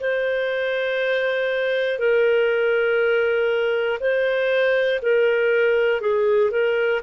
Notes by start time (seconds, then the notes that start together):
0.00 C5
1.99 A#4
4.00 C5
5.02 A#4
6.01 G#4
6.51 A#4